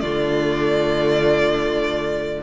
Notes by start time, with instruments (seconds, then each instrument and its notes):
0.00 cello D3, viola A3, violin F4 D5